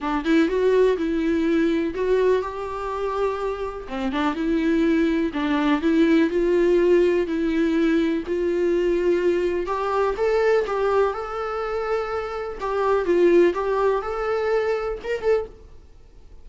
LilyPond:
\new Staff \with { instrumentName = "viola" } { \time 4/4 \tempo 4 = 124 d'8 e'8 fis'4 e'2 | fis'4 g'2. | c'8 d'8 e'2 d'4 | e'4 f'2 e'4~ |
e'4 f'2. | g'4 a'4 g'4 a'4~ | a'2 g'4 f'4 | g'4 a'2 ais'8 a'8 | }